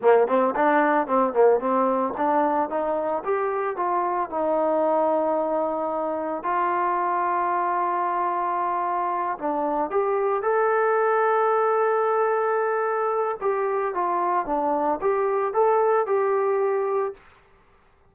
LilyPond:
\new Staff \with { instrumentName = "trombone" } { \time 4/4 \tempo 4 = 112 ais8 c'8 d'4 c'8 ais8 c'4 | d'4 dis'4 g'4 f'4 | dis'1 | f'1~ |
f'4. d'4 g'4 a'8~ | a'1~ | a'4 g'4 f'4 d'4 | g'4 a'4 g'2 | }